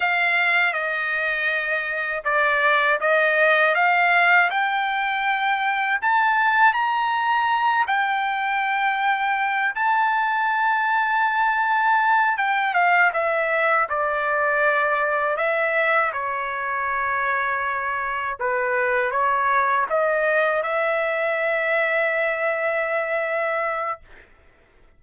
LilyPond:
\new Staff \with { instrumentName = "trumpet" } { \time 4/4 \tempo 4 = 80 f''4 dis''2 d''4 | dis''4 f''4 g''2 | a''4 ais''4. g''4.~ | g''4 a''2.~ |
a''8 g''8 f''8 e''4 d''4.~ | d''8 e''4 cis''2~ cis''8~ | cis''8 b'4 cis''4 dis''4 e''8~ | e''1 | }